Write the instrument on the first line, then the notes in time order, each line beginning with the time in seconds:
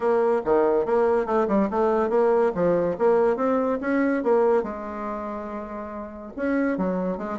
bassoon
0.00 A#3
0.44 D#3
0.85 A#3
1.25 A3
1.48 G3
1.70 A3
2.09 A#3
2.54 F3
2.98 A#3
3.36 C4
3.80 C#4
4.23 A#3
4.63 G#3
6.36 C#4
6.77 F#3
7.17 G#3